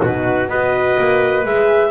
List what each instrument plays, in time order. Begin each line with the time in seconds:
0.00 double bass B2, horn D#4, trumpet F#4, clarinet B4
0.49 double bass B3, horn F#4, trumpet B4, clarinet D#5
0.98 double bass A#3
1.44 double bass G#3, horn G#4, clarinet E5